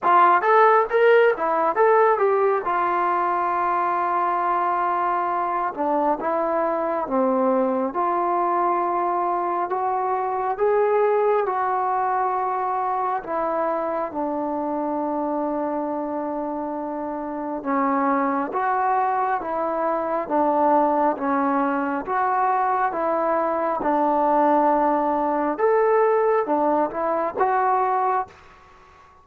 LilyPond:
\new Staff \with { instrumentName = "trombone" } { \time 4/4 \tempo 4 = 68 f'8 a'8 ais'8 e'8 a'8 g'8 f'4~ | f'2~ f'8 d'8 e'4 | c'4 f'2 fis'4 | gis'4 fis'2 e'4 |
d'1 | cis'4 fis'4 e'4 d'4 | cis'4 fis'4 e'4 d'4~ | d'4 a'4 d'8 e'8 fis'4 | }